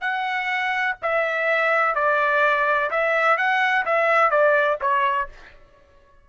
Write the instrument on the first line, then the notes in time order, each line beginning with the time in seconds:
trumpet
0.00 F#5
1.02 E5
1.95 D5
2.90 E5
3.37 F#5
3.85 E5
4.30 D5
4.81 C#5